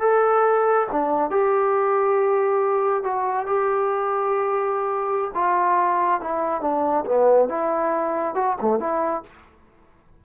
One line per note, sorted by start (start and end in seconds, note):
0.00 0.87 A4
0.92 1.30 D4
1.30 3.03 G4
3.03 3.47 F#4
3.47 5.31 G4
5.34 6.21 F4
6.21 6.61 E4
6.61 7.05 D4
7.06 7.49 B3
7.49 8.35 E4
8.35 8.57 F#4
8.61 8.79 A3
8.79 9.23 E4